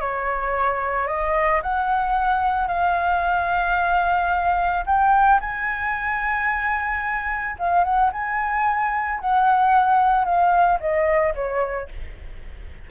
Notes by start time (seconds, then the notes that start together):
0.00 C#5
1.07 D#5
1.62 F#5
2.67 F5
4.86 G5
5.40 G#5
7.58 F5
7.83 F#5
8.12 G#5
9.19 F#5
10.25 F5
10.79 D#5
11.34 C#5